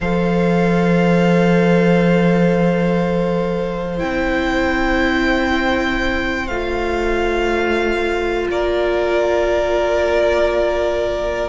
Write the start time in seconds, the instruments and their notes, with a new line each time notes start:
0.00 cello F3, viola A4, violin C5 F5
3.97 cello C4, viola E4, violin G5
6.47 cello A3, viola F4, violin F5
8.49 cello A#3, violin A#4 D5